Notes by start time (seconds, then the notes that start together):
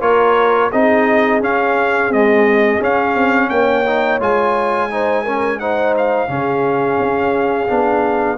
0.00 A#3 F4 A#4 C#5
0.71 C4 D#4 G#4 D#5
1.40 C#4 F5
2.08 G#3 C4 D#5
2.80 C#4 F5
3.15 C4
3.49 A#3 C#5 G5
3.86 D#4
4.19 G#3 F4 G#5
4.90 D#4 C5
5.23 C#4 A#4
5.59 D#4 C5 F#5
5.97 F5
6.27 C#3 C#4 G#4
6.99 C#4
7.67 B3 D4